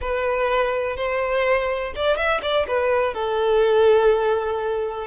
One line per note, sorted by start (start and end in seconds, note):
0.01 0.96 B4
0.96 1.93 C5
1.95 2.16 D5
2.16 2.41 E5
2.42 2.66 D5
2.67 3.14 B4
3.14 5.07 A4